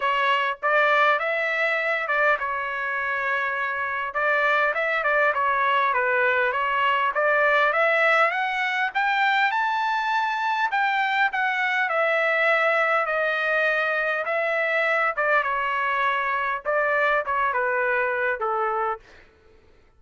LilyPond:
\new Staff \with { instrumentName = "trumpet" } { \time 4/4 \tempo 4 = 101 cis''4 d''4 e''4. d''8 | cis''2. d''4 | e''8 d''8 cis''4 b'4 cis''4 | d''4 e''4 fis''4 g''4 |
a''2 g''4 fis''4 | e''2 dis''2 | e''4. d''8 cis''2 | d''4 cis''8 b'4. a'4 | }